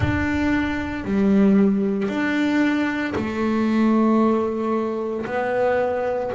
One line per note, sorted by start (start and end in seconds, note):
0.00 1.04 D4
1.04 2.08 G3
2.08 3.13 D4
3.15 5.25 A3
5.26 6.31 B3